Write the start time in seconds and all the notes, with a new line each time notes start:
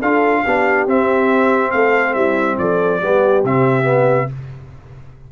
0.00 D4 F4 A4 F5
0.44 B3 D4 G4
0.86 C4 E5
1.71 A3 A4 F5
2.14 G3 E4 E5
2.58 F3 A4 D5
3.02 G3 B3 G4
3.44 C3 C4 E5
3.83 B3